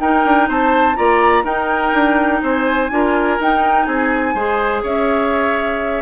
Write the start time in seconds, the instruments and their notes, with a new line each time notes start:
0.00 bassoon D#4, clarinet D#4, oboe A#4, flute G5
0.25 bassoon D4
0.48 bassoon C4, oboe C5, flute A5
0.95 bassoon A#3, clarinet F4, oboe D5, flute A#5
1.44 bassoon D#4, clarinet D#4, oboe A#4, flute G5
1.93 bassoon D4
2.42 bassoon C4, oboe C5, flute G#5
2.91 bassoon D4, clarinet F4, oboe A#4
3.39 bassoon D#4, clarinet D#4, flute G5
3.85 bassoon C4, oboe G#4, flute G#5
4.34 bassoon G#3, clarinet G#4, oboe C5
4.83 bassoon C#4, oboe C#5, flute E5